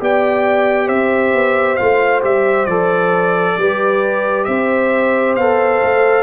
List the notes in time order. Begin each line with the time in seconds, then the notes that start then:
0.00 B3 G4 D5 G5
0.87 C4 C5 E5
1.34 B3
1.76 A3 F4 F5
2.22 G3 G4 E5
2.66 F3 A4 D5
3.58 G3 G4 B4
4.45 C4 C5 E5
5.36 B3 A4 F5
5.83 A3